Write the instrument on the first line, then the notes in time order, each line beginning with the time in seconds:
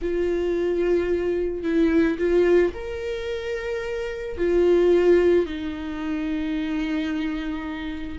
viola
0.01 F4
1.63 E4
2.18 F4
2.74 A#4
4.37 F4
5.45 D#4